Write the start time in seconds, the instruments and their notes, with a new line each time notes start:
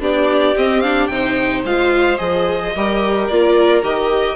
0.00 bassoon B3, viola D4, violin G4 D5
0.56 viola C4, bassoon C4, violin D#5
0.80 viola D4, violin F5
1.07 bassoon C3, viola D#4, violin G5
1.14 violin C5
1.64 bassoon G#3, viola F4, violin F5
2.17 bassoon F3, viola G#4, violin D#5
2.75 bassoon G3, viola G4, violin A#4
3.28 bassoon A#3, viola F4, violin D5
3.82 bassoon D#3, viola G4, violin D#5